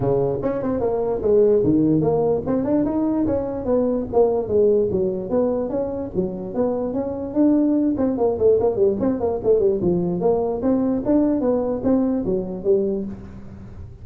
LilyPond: \new Staff \with { instrumentName = "tuba" } { \time 4/4 \tempo 4 = 147 cis4 cis'8 c'8 ais4 gis4 | dis4 ais4 c'8 d'8 dis'4 | cis'4 b4 ais4 gis4 | fis4 b4 cis'4 fis4 |
b4 cis'4 d'4. c'8 | ais8 a8 ais8 g8 c'8 ais8 a8 g8 | f4 ais4 c'4 d'4 | b4 c'4 fis4 g4 | }